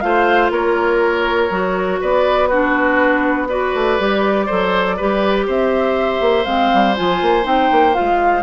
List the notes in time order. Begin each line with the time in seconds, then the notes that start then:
0.00 A3 F4 C5 F5
0.50 A#3 A#4 C#5
1.50 F#3 F#4
2.01 B3 B4 D5
2.47 D4 F#4 B4
3.49 F#4 B4 D5
3.74 A3
3.98 G3 G4
4.46 F#3 A4 C5
4.97 G3 G4 B4
5.47 C4 C5 E5
6.20 A#3
6.45 G#3 C4 F5
6.74 G3
6.95 F3 F4 G#5
7.21 A#3
7.42 C4 D#4 G5
7.71 A#3
7.93 F4 F5
8.00 G#3